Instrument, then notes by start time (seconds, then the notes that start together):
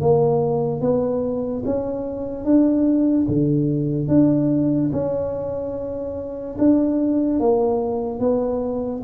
tuba
0.00 A#3
0.81 B3
1.65 C#4
2.44 D4
3.28 D3
4.08 D4
4.92 C#4
6.58 D4
7.39 A#3
8.19 B3